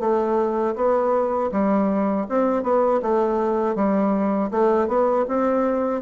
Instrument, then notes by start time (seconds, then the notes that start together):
bassoon
0.00 A3
0.75 B3
1.52 G3
2.29 C4
2.63 B3
3.02 A3
3.75 G3
4.51 A3
4.88 B3
5.28 C4